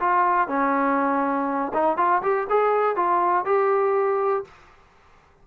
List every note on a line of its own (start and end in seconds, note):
0.00 0.48 F4
0.48 1.72 C#4
1.74 1.97 D#4
1.97 2.22 F4
2.22 2.47 G4
2.50 2.96 G#4
2.96 3.45 F4
3.45 4.44 G4